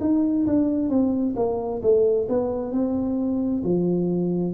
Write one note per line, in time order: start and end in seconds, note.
0.00 0.45 D#4
0.46 0.89 D4
0.89 1.34 C4
1.36 1.81 A#3
1.82 2.27 A3
2.29 2.71 B3
2.71 3.62 C4
3.63 4.53 F3